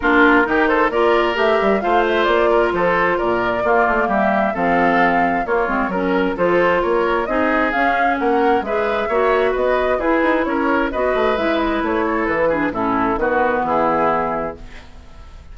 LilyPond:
<<
  \new Staff \with { instrumentName = "flute" } { \time 4/4 \tempo 4 = 132 ais'4. c''8 d''4 e''4 | f''8 e''8 d''4 c''4 d''4~ | d''4 e''4 f''2 | cis''4 ais'4 c''4 cis''4 |
dis''4 f''4 fis''4 e''4~ | e''4 dis''4 b'4 cis''4 | dis''4 e''8 dis''8 cis''4 b'4 | a'4 b'4 gis'2 | }
  \new Staff \with { instrumentName = "oboe" } { \time 4/4 f'4 g'8 a'8 ais'2 | c''4. ais'8 a'4 ais'4 | f'4 g'4 a'2 | f'4 ais'4 a'4 ais'4 |
gis'2 ais'4 b'4 | cis''4 b'4 gis'4 ais'4 | b'2~ b'8 a'4 gis'8 | e'4 fis'4 e'2 | }
  \new Staff \with { instrumentName = "clarinet" } { \time 4/4 d'4 dis'4 f'4 g'4 | f'1 | ais2 c'2 | ais8 c'8 cis'4 f'2 |
dis'4 cis'2 gis'4 | fis'2 e'2 | fis'4 e'2~ e'8 d'8 | cis'4 b2. | }
  \new Staff \with { instrumentName = "bassoon" } { \time 4/4 ais4 dis4 ais4 a8 g8 | a4 ais4 f4 ais,4 | ais8 a8 g4 f2 | ais8 gis8 fis4 f4 ais4 |
c'4 cis'4 ais4 gis4 | ais4 b4 e'8 dis'8 cis'4 | b8 a8 gis4 a4 e4 | a,4 dis4 e2 | }
>>